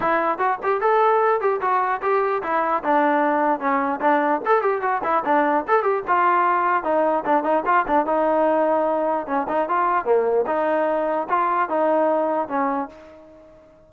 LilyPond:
\new Staff \with { instrumentName = "trombone" } { \time 4/4 \tempo 4 = 149 e'4 fis'8 g'8 a'4. g'8 | fis'4 g'4 e'4 d'4~ | d'4 cis'4 d'4 a'8 g'8 | fis'8 e'8 d'4 a'8 g'8 f'4~ |
f'4 dis'4 d'8 dis'8 f'8 d'8 | dis'2. cis'8 dis'8 | f'4 ais4 dis'2 | f'4 dis'2 cis'4 | }